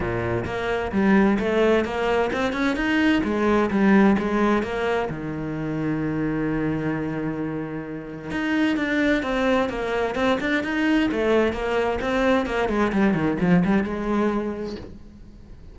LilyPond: \new Staff \with { instrumentName = "cello" } { \time 4/4 \tempo 4 = 130 ais,4 ais4 g4 a4 | ais4 c'8 cis'8 dis'4 gis4 | g4 gis4 ais4 dis4~ | dis1~ |
dis2 dis'4 d'4 | c'4 ais4 c'8 d'8 dis'4 | a4 ais4 c'4 ais8 gis8 | g8 dis8 f8 g8 gis2 | }